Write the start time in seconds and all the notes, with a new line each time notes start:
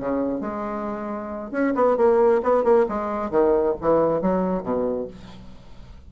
0.00 C#3
0.41 G#3
1.52 C#4
1.75 B3
1.97 A#3
2.43 B3
2.64 A#3
2.89 G#3
3.31 D#3
3.81 E3
4.22 F#3
4.63 B2